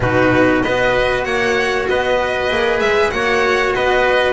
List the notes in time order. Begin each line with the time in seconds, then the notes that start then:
0.00 B2 D#4 F#4 B4
0.62 B3 F#4 B4 D#5
1.24 A#3 C#5 F#5
1.88 B3 B4 D#5
2.49 A#3 G#4
2.79 G#3 E5
3.10 A#3 F#4 C#5 F#5
3.74 B3 B4 D#5